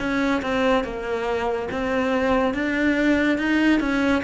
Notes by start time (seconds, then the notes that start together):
0.00 C#4
0.42 C4
0.85 A#3
1.72 C4
2.54 D4
3.38 D#4
3.81 C#4